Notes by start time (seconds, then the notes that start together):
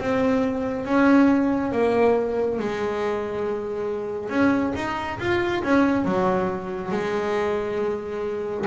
0.00 C4
0.85 C#4
1.72 A#3
2.59 G#3
4.30 C#4
4.76 D#4
5.19 F4
5.64 C#4
6.05 F#3
6.92 G#3